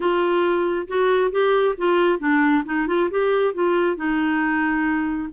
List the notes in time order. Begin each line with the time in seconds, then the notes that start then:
0.00 F4
0.87 F#4
1.31 G4
1.77 F4
2.19 D4
2.65 D#4
2.87 F4
3.10 G4
3.54 F4
3.96 D#4